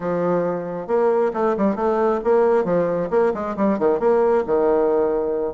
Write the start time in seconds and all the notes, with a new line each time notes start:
0.00 F3
0.87 A#3
1.33 A3
1.57 G3
1.75 A3
2.23 A#3
2.64 F3
3.10 A#3
3.33 G#3
3.56 G3
3.78 D#3
3.99 A#3
4.46 D#3